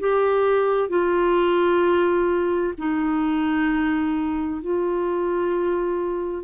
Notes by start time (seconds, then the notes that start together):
0.00 G4
0.89 F4
2.79 D#4
4.62 F4